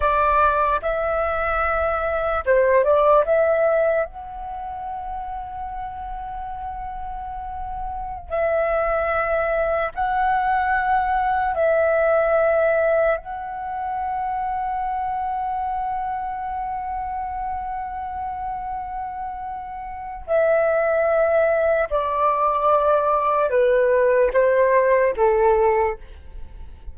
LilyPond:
\new Staff \with { instrumentName = "flute" } { \time 4/4 \tempo 4 = 74 d''4 e''2 c''8 d''8 | e''4 fis''2.~ | fis''2~ fis''16 e''4.~ e''16~ | e''16 fis''2 e''4.~ e''16~ |
e''16 fis''2.~ fis''8.~ | fis''1~ | fis''4 e''2 d''4~ | d''4 b'4 c''4 a'4 | }